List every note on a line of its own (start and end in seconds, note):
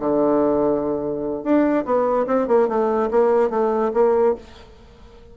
0.00 1.44 D3
1.44 1.85 D4
1.85 2.27 B3
2.27 2.48 C4
2.48 2.69 A#3
2.69 3.10 A3
3.11 3.50 A#3
3.50 3.92 A3
3.94 4.35 A#3